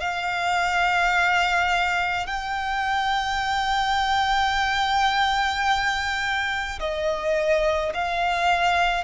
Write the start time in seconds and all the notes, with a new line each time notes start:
0.00 F5
2.26 G5
6.79 D#5
7.93 F5